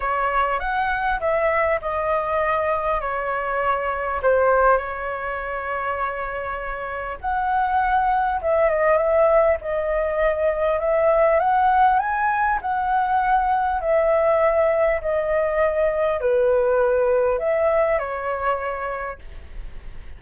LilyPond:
\new Staff \with { instrumentName = "flute" } { \time 4/4 \tempo 4 = 100 cis''4 fis''4 e''4 dis''4~ | dis''4 cis''2 c''4 | cis''1 | fis''2 e''8 dis''8 e''4 |
dis''2 e''4 fis''4 | gis''4 fis''2 e''4~ | e''4 dis''2 b'4~ | b'4 e''4 cis''2 | }